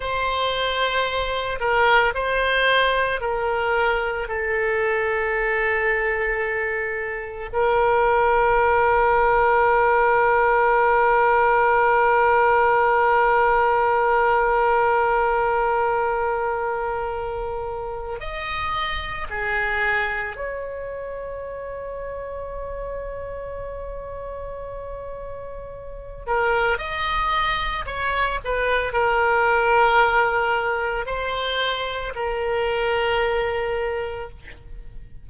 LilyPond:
\new Staff \with { instrumentName = "oboe" } { \time 4/4 \tempo 4 = 56 c''4. ais'8 c''4 ais'4 | a'2. ais'4~ | ais'1~ | ais'1~ |
ais'4 dis''4 gis'4 cis''4~ | cis''1~ | cis''8 ais'8 dis''4 cis''8 b'8 ais'4~ | ais'4 c''4 ais'2 | }